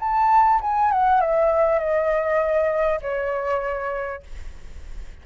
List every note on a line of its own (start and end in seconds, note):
0.00 0.61 A5
0.61 0.92 G#5
0.92 1.21 F#5
1.21 1.79 E5
1.79 3.01 D#5
3.02 4.23 C#5